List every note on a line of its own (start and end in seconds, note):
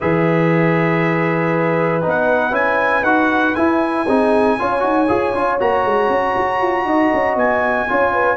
0.00 2.05 E3
0.00 2.01 G#4
0.00 4.05 B4
0.00 2.04 E5
2.01 2.51 B3
2.01 2.51 D#4
2.08 2.54 F#5
2.51 3.02 C#4
2.51 3.02 E4
2.51 3.03 G#5
3.02 3.52 D#4
3.02 3.55 F#4
3.02 3.54 F#5
3.54 4.06 E4
3.54 4.07 E4
3.54 5.58 G#5
4.07 4.58 C4
4.07 4.59 D#4
4.07 4.58 G#4
4.59 4.83 C#4
4.59 4.79 F4
4.59 6.87 C#5
4.79 5.08 D#4
4.79 5.05 F#4
5.08 5.34 F4
5.08 5.33 G#4
5.34 5.60 C#4
5.34 5.59 F4
5.59 5.84 A#3
5.59 7.88 F#4
5.59 7.37 A#5
5.84 6.09 G#3
6.09 6.34 C#4
6.36 6.61 F#4
6.61 6.85 F4
6.85 7.10 D#4
6.85 7.88 D#5
7.13 7.35 C#4
7.35 7.86 B3
7.35 8.37 G#5
7.88 8.37 C#4
7.88 8.37 F4
7.88 8.13 C#5
8.13 8.37 B4